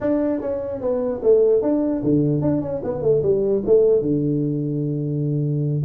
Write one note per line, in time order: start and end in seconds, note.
0.00 0.40 D4
0.40 0.81 C#4
0.81 1.21 B3
1.23 1.62 A3
1.62 2.02 D4
2.03 2.41 D3
2.41 2.61 D4
2.61 2.81 C#4
2.83 3.01 B3
3.01 3.22 A3
3.22 3.62 G3
3.66 4.01 A3
4.01 5.83 D3